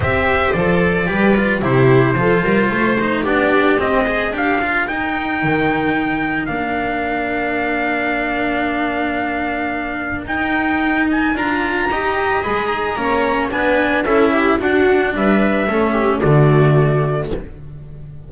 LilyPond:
<<
  \new Staff \with { instrumentName = "trumpet" } { \time 4/4 \tempo 4 = 111 e''4 d''2 c''4~ | c''2 d''4 dis''4 | f''4 g''2. | f''1~ |
f''2. g''4~ | g''8 gis''8 ais''2 b''8 ais''8~ | ais''4 gis''4 e''4 fis''4 | e''2 d''2 | }
  \new Staff \with { instrumentName = "viola" } { \time 4/4 c''2 b'4 g'4 | a'8 ais'8 c''4 g'4. c''8 | ais'1~ | ais'1~ |
ais'1~ | ais'2 dis''2 | cis''4 b'4 a'8 g'8 fis'4 | b'4 a'8 g'8 fis'2 | }
  \new Staff \with { instrumentName = "cello" } { \time 4/4 g'4 a'4 g'8 f'8 e'4 | f'4. dis'8 d'4 c'8 gis'8 | g'8 f'8 dis'2. | d'1~ |
d'2. dis'4~ | dis'4 f'4 g'4 gis'4 | cis'4 d'4 e'4 d'4~ | d'4 cis'4 a2 | }
  \new Staff \with { instrumentName = "double bass" } { \time 4/4 c'4 f4 g4 c4 | f8 g8 a4 b4 c'4 | d'4 dis'4 dis2 | ais1~ |
ais2. dis'4~ | dis'4 d'4 dis'4 gis4 | ais4 b4 cis'4 d'4 | g4 a4 d2 | }
>>